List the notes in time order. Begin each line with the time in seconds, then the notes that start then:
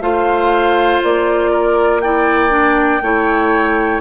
0.00 A3 F4 C5 F5
1.03 A#3 D5
1.51 A#4
2.01 E4 D5 G5
2.49 D4
3.01 A3 E4 C#5